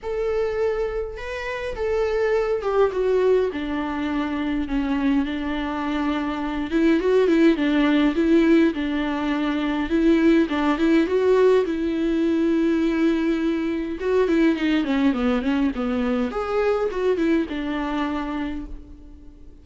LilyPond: \new Staff \with { instrumentName = "viola" } { \time 4/4 \tempo 4 = 103 a'2 b'4 a'4~ | a'8 g'8 fis'4 d'2 | cis'4 d'2~ d'8 e'8 | fis'8 e'8 d'4 e'4 d'4~ |
d'4 e'4 d'8 e'8 fis'4 | e'1 | fis'8 e'8 dis'8 cis'8 b8 cis'8 b4 | gis'4 fis'8 e'8 d'2 | }